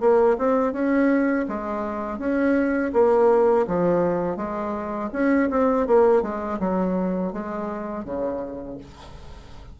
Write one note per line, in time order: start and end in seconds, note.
0.00 0.37 A#3
0.38 0.72 C4
0.72 1.45 C#4
1.48 2.19 G#3
2.19 2.92 C#4
2.93 3.66 A#3
3.67 4.36 F3
4.36 5.10 G#3
5.13 5.49 C#4
5.50 5.87 C4
5.87 6.22 A#3
6.22 6.59 G#3
6.59 7.32 F#3
7.32 8.05 G#3
8.05 8.78 C#3